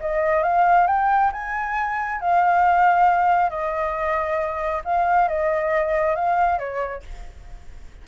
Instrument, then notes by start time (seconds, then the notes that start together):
flute
0.00 D#5
0.43 F5
0.87 G5
1.32 G#5
2.20 F5
3.50 D#5
4.84 F5
5.28 D#5
6.15 F5
6.59 C#5